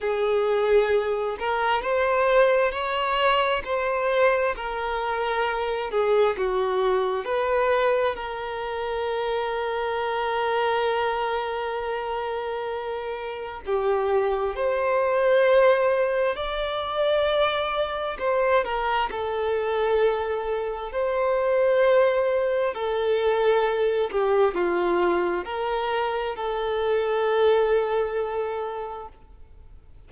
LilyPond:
\new Staff \with { instrumentName = "violin" } { \time 4/4 \tempo 4 = 66 gis'4. ais'8 c''4 cis''4 | c''4 ais'4. gis'8 fis'4 | b'4 ais'2.~ | ais'2. g'4 |
c''2 d''2 | c''8 ais'8 a'2 c''4~ | c''4 a'4. g'8 f'4 | ais'4 a'2. | }